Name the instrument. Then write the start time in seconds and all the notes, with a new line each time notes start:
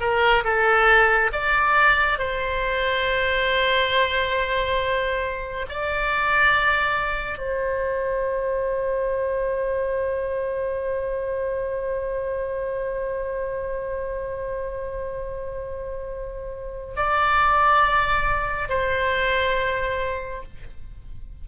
oboe
0.00 A#4
0.44 A4
1.32 D5
2.18 C5
5.69 D5
7.38 C5
16.96 D5
18.69 C5